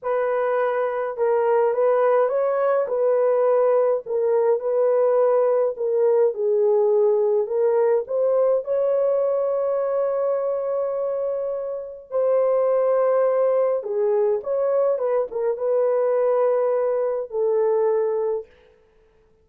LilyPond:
\new Staff \with { instrumentName = "horn" } { \time 4/4 \tempo 4 = 104 b'2 ais'4 b'4 | cis''4 b'2 ais'4 | b'2 ais'4 gis'4~ | gis'4 ais'4 c''4 cis''4~ |
cis''1~ | cis''4 c''2. | gis'4 cis''4 b'8 ais'8 b'4~ | b'2 a'2 | }